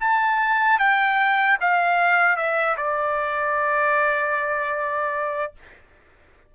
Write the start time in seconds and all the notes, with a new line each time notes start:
0.00 A5
0.79 G5
1.60 F5
2.36 E5
2.77 D5